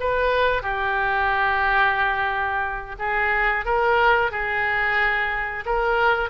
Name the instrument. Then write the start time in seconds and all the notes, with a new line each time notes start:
oboe
0.00 B4
0.62 G4
2.99 G#4
3.65 A#4
4.31 G#4
5.66 A#4